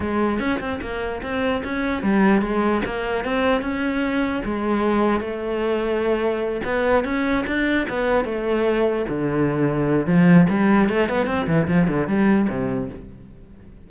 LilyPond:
\new Staff \with { instrumentName = "cello" } { \time 4/4 \tempo 4 = 149 gis4 cis'8 c'8 ais4 c'4 | cis'4 g4 gis4 ais4 | c'4 cis'2 gis4~ | gis4 a2.~ |
a8 b4 cis'4 d'4 b8~ | b8 a2 d4.~ | d4 f4 g4 a8 b8 | c'8 e8 f8 d8 g4 c4 | }